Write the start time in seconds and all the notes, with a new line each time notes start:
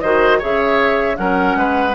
0.00 D#3 F#4 C5 D#5
0.38 C#3 G#4 C#5 E5
1.15 F#3 C#4 A#4 F#5
1.55 G#3 B4